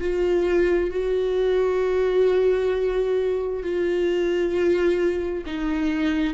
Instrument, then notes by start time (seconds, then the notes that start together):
viola
0.00 F4
0.90 F#4
3.62 F4
5.46 D#4